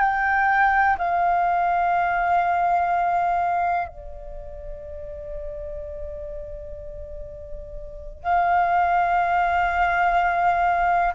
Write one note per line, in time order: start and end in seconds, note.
0.00 0.97 G5
0.99 3.88 F5
3.88 8.23 D5
8.24 11.14 F5